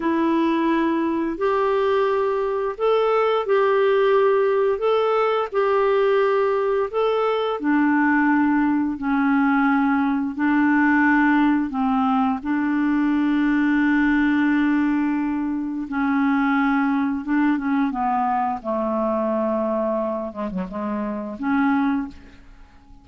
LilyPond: \new Staff \with { instrumentName = "clarinet" } { \time 4/4 \tempo 4 = 87 e'2 g'2 | a'4 g'2 a'4 | g'2 a'4 d'4~ | d'4 cis'2 d'4~ |
d'4 c'4 d'2~ | d'2. cis'4~ | cis'4 d'8 cis'8 b4 a4~ | a4. gis16 fis16 gis4 cis'4 | }